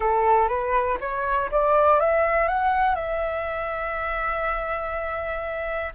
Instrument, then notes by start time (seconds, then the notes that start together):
flute
0.00 A4
0.48 B4
1.00 C#5
1.51 D5
1.99 E5
2.48 F#5
2.95 E5